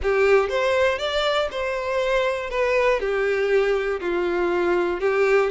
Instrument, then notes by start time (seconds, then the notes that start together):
violin
0.02 G4
0.49 C5
0.98 D5
1.51 C5
2.50 B4
3.00 G4
4.00 F4
5.00 G4